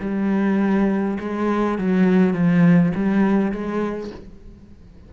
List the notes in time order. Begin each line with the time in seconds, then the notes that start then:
0.00 G3
1.20 G#3
1.78 F#3
2.33 F3
2.95 G3
3.52 G#3